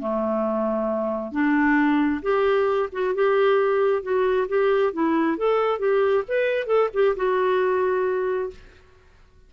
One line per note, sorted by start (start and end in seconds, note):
0.00 1.32 A3
1.32 2.22 D4
2.23 2.90 G4
2.93 3.15 F#4
3.15 4.03 G4
4.03 4.48 F#4
4.49 4.94 G4
4.94 5.38 E4
5.38 5.79 A4
5.79 6.24 G4
6.28 6.67 B4
6.67 6.90 A4
6.94 7.16 G4
7.16 8.51 F#4